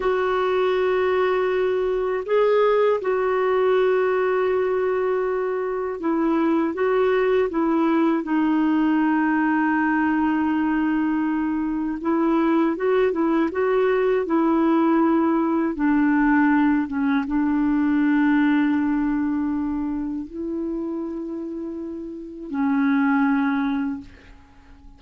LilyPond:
\new Staff \with { instrumentName = "clarinet" } { \time 4/4 \tempo 4 = 80 fis'2. gis'4 | fis'1 | e'4 fis'4 e'4 dis'4~ | dis'1 |
e'4 fis'8 e'8 fis'4 e'4~ | e'4 d'4. cis'8 d'4~ | d'2. e'4~ | e'2 cis'2 | }